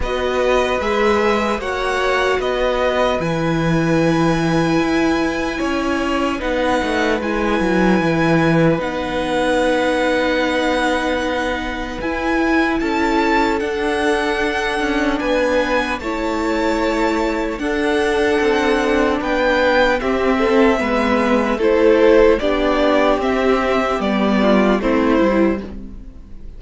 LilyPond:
<<
  \new Staff \with { instrumentName = "violin" } { \time 4/4 \tempo 4 = 75 dis''4 e''4 fis''4 dis''4 | gis''1 | fis''4 gis''2 fis''4~ | fis''2. gis''4 |
a''4 fis''2 gis''4 | a''2 fis''2 | g''4 e''2 c''4 | d''4 e''4 d''4 c''4 | }
  \new Staff \with { instrumentName = "violin" } { \time 4/4 b'2 cis''4 b'4~ | b'2. cis''4 | b'1~ | b'1 |
a'2. b'4 | cis''2 a'2 | b'4 g'8 a'8 b'4 a'4 | g'2~ g'8 f'8 e'4 | }
  \new Staff \with { instrumentName = "viola" } { \time 4/4 fis'4 gis'4 fis'2 | e'1 | dis'4 e'2 dis'4~ | dis'2. e'4~ |
e'4 d'2. | e'2 d'2~ | d'4 c'4 b4 e'4 | d'4 c'4 b4 c'8 e'8 | }
  \new Staff \with { instrumentName = "cello" } { \time 4/4 b4 gis4 ais4 b4 | e2 e'4 cis'4 | b8 a8 gis8 fis8 e4 b4~ | b2. e'4 |
cis'4 d'4. cis'8 b4 | a2 d'4 c'4 | b4 c'4 gis4 a4 | b4 c'4 g4 a8 g8 | }
>>